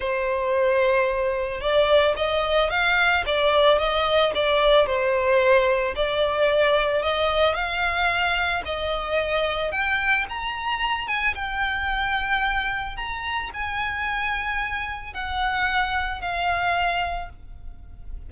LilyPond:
\new Staff \with { instrumentName = "violin" } { \time 4/4 \tempo 4 = 111 c''2. d''4 | dis''4 f''4 d''4 dis''4 | d''4 c''2 d''4~ | d''4 dis''4 f''2 |
dis''2 g''4 ais''4~ | ais''8 gis''8 g''2. | ais''4 gis''2. | fis''2 f''2 | }